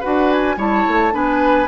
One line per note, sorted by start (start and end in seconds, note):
0.00 0.56 D4
0.00 0.57 F#4
0.00 0.56 B4
0.00 0.30 F#5
0.30 0.58 G#5
0.56 0.84 G3
0.56 1.11 E4
0.56 1.13 C#5
0.56 1.15 A5
0.87 1.13 A3
1.11 1.68 B3
1.11 1.67 D4
1.11 1.68 B4
1.11 1.68 G#5